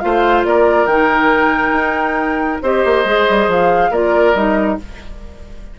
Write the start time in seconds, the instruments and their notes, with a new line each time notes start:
0.00 bassoon A3, clarinet F4, oboe C5, flute F5
0.44 bassoon A#3, oboe A#4, flute D5
0.86 bassoon D#3, clarinet D#4, flute G5
1.72 bassoon D#4
2.63 bassoon C4, clarinet G4, oboe C5, flute D#5
2.85 bassoon A#3
3.05 bassoon G#3, clarinet G#4
3.29 bassoon G3
3.48 bassoon F3, flute F5
3.91 bassoon A#3, clarinet F4, oboe A#4, flute D5
4.35 bassoon G3, clarinet D#4, flute D#5